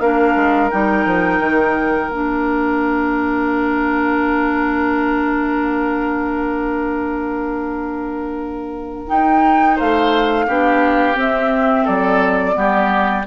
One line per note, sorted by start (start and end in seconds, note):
0.00 0.35 A#3
0.00 0.72 D4
0.00 9.76 A#4
0.00 0.70 F5
0.36 0.71 G#3
0.71 1.06 G3
0.71 2.11 D#4
0.71 2.10 G5
1.06 1.40 F3
1.40 2.09 D#3
2.09 9.07 A#3
2.09 9.07 D4
2.09 9.08 F5
9.07 10.47 D#4
9.07 9.81 D#4
9.07 9.78 G5
9.76 10.48 A3
9.76 10.46 C5
9.76 11.19 F5
10.47 11.16 B3
10.47 11.15 D4
10.47 11.85 G4
11.15 12.54 C4
11.15 11.86 C4
11.15 11.87 E5
11.85 12.57 F#3
11.85 12.55 A4
11.85 13.27 D5
12.54 13.26 G3
12.54 13.23 B3
12.54 13.27 G4